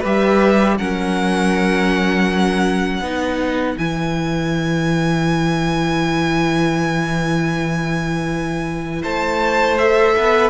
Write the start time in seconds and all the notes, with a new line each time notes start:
0.00 G3 G4 B4 E5
0.78 F#3 C#4 A#4 F#5
3.01 B3 D#4 B4
3.78 E3 E4 G#5
9.02 A3 C5 A5
9.78 A4 E5
10.16 B3 B4